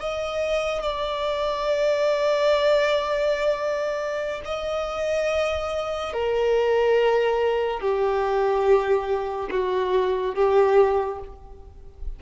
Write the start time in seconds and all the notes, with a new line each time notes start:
0.00 D#5
0.83 D5
4.46 D#5
6.13 A#4
7.81 G4
9.51 F#4
10.36 G4